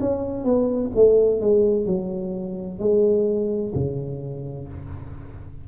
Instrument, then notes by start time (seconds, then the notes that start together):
tuba
0.00 C#4
0.44 B3
0.95 A3
1.41 G#3
1.86 F#3
2.79 G#3
3.75 C#3